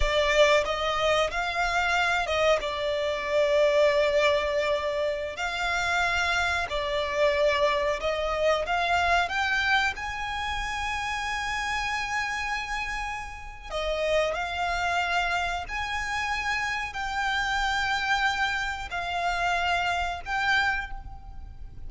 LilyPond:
\new Staff \with { instrumentName = "violin" } { \time 4/4 \tempo 4 = 92 d''4 dis''4 f''4. dis''8 | d''1~ | d''16 f''2 d''4.~ d''16~ | d''16 dis''4 f''4 g''4 gis''8.~ |
gis''1~ | gis''4 dis''4 f''2 | gis''2 g''2~ | g''4 f''2 g''4 | }